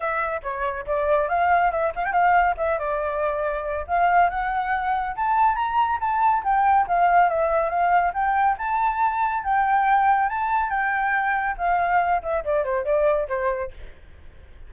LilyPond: \new Staff \with { instrumentName = "flute" } { \time 4/4 \tempo 4 = 140 e''4 cis''4 d''4 f''4 | e''8 f''16 g''16 f''4 e''8 d''4.~ | d''4 f''4 fis''2 | a''4 ais''4 a''4 g''4 |
f''4 e''4 f''4 g''4 | a''2 g''2 | a''4 g''2 f''4~ | f''8 e''8 d''8 c''8 d''4 c''4 | }